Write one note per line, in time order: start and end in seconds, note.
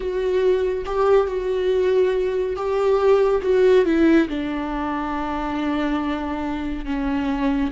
0.00 0.84 F#4
0.85 1.27 G4
1.27 2.56 F#4
2.56 3.41 G4
3.42 3.85 F#4
3.85 4.27 E4
4.28 6.85 D4
6.85 7.71 C#4